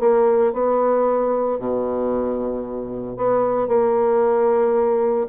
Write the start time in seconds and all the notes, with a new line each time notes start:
0.00 A#3
0.53 B3
1.59 B2
3.17 B3
3.68 A#3